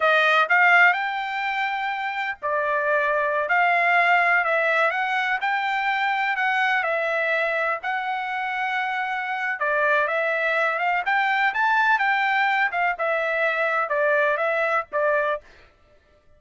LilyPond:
\new Staff \with { instrumentName = "trumpet" } { \time 4/4 \tempo 4 = 125 dis''4 f''4 g''2~ | g''4 d''2~ d''16 f''8.~ | f''4~ f''16 e''4 fis''4 g''8.~ | g''4~ g''16 fis''4 e''4.~ e''16~ |
e''16 fis''2.~ fis''8. | d''4 e''4. f''8 g''4 | a''4 g''4. f''8 e''4~ | e''4 d''4 e''4 d''4 | }